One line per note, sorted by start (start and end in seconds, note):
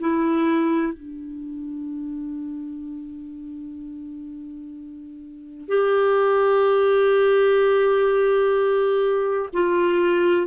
0.00 0.94 E4
0.94 5.68 D4
5.68 9.49 G4
9.53 10.47 F4